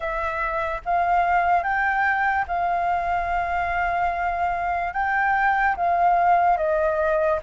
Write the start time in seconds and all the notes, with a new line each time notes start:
0.00 E5
0.85 F5
1.63 G5
2.47 F5
4.93 G5
5.76 F5
6.57 D#5